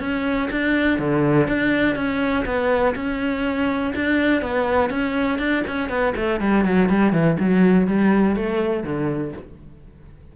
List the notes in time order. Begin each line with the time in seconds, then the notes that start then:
0.00 C#4
0.51 D4
0.99 D3
1.48 D4
1.95 C#4
2.45 B3
2.95 C#4
3.95 D4
4.42 B3
4.90 C#4
5.39 D4
5.67 C#4
5.89 B3
6.16 A3
6.40 G3
6.65 F#3
6.89 G3
7.12 E3
7.39 F#3
7.87 G3
8.36 A3
8.84 D3